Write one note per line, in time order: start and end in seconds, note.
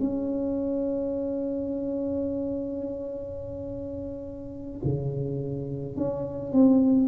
0.00 4.81 C#4
4.85 5.97 C#3
5.97 6.53 C#4
6.53 7.09 C4